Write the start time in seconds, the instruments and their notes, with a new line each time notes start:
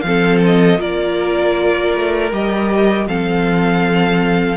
0.00 cello F3, viola C4, violin F5
0.06 violin A4
0.45 violin D#5
0.77 cello A#3, viola F4, violin A#4 D5
1.94 cello A3
2.31 cello G3, viola G4, violin D#5
3.06 cello F3, viola C4, violin A4 F5